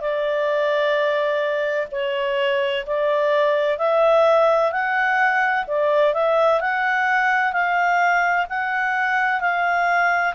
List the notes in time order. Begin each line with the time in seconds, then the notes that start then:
0.00 D5
1.91 C#5
2.86 D5
3.78 E5
4.71 F#5
5.67 D5
6.13 E5
6.60 F#5
7.52 F5
8.49 F#5
9.40 F5